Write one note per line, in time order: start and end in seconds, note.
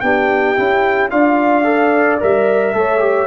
0.00 0.57 B3
0.00 0.55 D4
0.00 1.10 G4
0.00 1.09 G5
0.55 1.11 C#4
0.55 1.10 E4
1.10 2.20 D4
1.10 1.63 F4
1.10 2.74 D5
1.10 2.19 F5
1.63 2.18 A4
2.20 2.73 G3
2.20 2.73 A#4
2.20 3.26 E5
2.73 3.26 A3
2.73 2.98 A4
2.73 3.26 C#5
2.98 3.26 G4